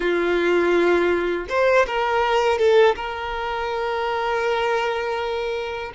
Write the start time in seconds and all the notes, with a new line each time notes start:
0.00 F4
1.48 C5
1.87 A#4
2.58 A4
2.95 A#4